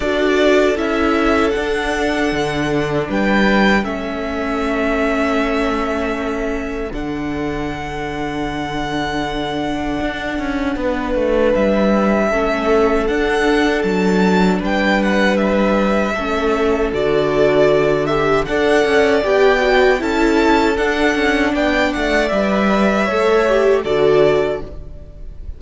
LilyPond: <<
  \new Staff \with { instrumentName = "violin" } { \time 4/4 \tempo 4 = 78 d''4 e''4 fis''2 | g''4 e''2.~ | e''4 fis''2.~ | fis''2. e''4~ |
e''4 fis''4 a''4 g''8 fis''8 | e''2 d''4. e''8 | fis''4 g''4 a''4 fis''4 | g''8 fis''8 e''2 d''4 | }
  \new Staff \with { instrumentName = "violin" } { \time 4/4 a'1 | b'4 a'2.~ | a'1~ | a'2 b'2 |
a'2. b'4~ | b'4 a'2. | d''2 a'2 | d''2 cis''4 a'4 | }
  \new Staff \with { instrumentName = "viola" } { \time 4/4 fis'4 e'4 d'2~ | d'4 cis'2.~ | cis'4 d'2.~ | d'1 |
cis'4 d'2.~ | d'4 cis'4 fis'4. g'8 | a'4 g'8 fis'8 e'4 d'4~ | d'4 b'4 a'8 g'8 fis'4 | }
  \new Staff \with { instrumentName = "cello" } { \time 4/4 d'4 cis'4 d'4 d4 | g4 a2.~ | a4 d2.~ | d4 d'8 cis'8 b8 a8 g4 |
a4 d'4 fis4 g4~ | g4 a4 d2 | d'8 cis'8 b4 cis'4 d'8 cis'8 | b8 a8 g4 a4 d4 | }
>>